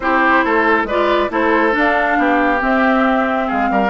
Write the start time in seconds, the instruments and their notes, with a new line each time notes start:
0.00 bassoon C4, clarinet E4, oboe G4, flute C5
0.44 bassoon A3, oboe A4
0.84 bassoon G#3, clarinet F4, oboe B4, flute D5
1.29 bassoon A3, clarinet E4, oboe A4, flute C5
1.72 clarinet D4, bassoon D4
1.78 flute F5
2.18 bassoon B3, oboe G4
2.59 clarinet C4, bassoon C4, flute E5
3.47 bassoon G#3, oboe G#4, flute F5
3.70 bassoon G3, oboe A#4